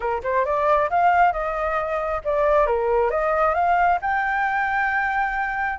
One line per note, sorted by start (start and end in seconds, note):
0.00 0.22 A#4
0.23 0.45 C5
0.45 0.89 D5
0.89 1.32 F5
1.32 2.21 D#5
2.24 2.66 D5
2.66 3.10 A#4
3.10 3.54 D#5
3.54 3.99 F5
4.01 5.79 G5